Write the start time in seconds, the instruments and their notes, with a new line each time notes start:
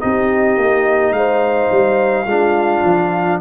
0.00 tuba C4, trombone D#4, horn G4, trumpet D#5
0.57 tuba A#3
1.11 tuba G#3, horn C5, trumpet F5
1.71 tuba G3
2.25 tuba G#3, trombone D4, horn F4
2.84 tuba F3